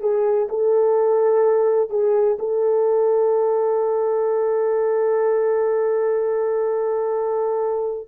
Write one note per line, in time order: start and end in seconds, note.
0.00 0.48 G#4
0.49 1.90 A4
1.90 2.37 G#4
2.39 8.08 A4